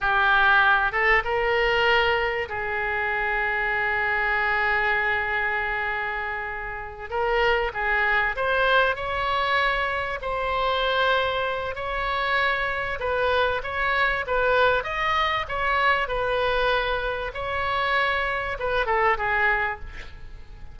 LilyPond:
\new Staff \with { instrumentName = "oboe" } { \time 4/4 \tempo 4 = 97 g'4. a'8 ais'2 | gis'1~ | gis'2.~ gis'8 ais'8~ | ais'8 gis'4 c''4 cis''4.~ |
cis''8 c''2~ c''8 cis''4~ | cis''4 b'4 cis''4 b'4 | dis''4 cis''4 b'2 | cis''2 b'8 a'8 gis'4 | }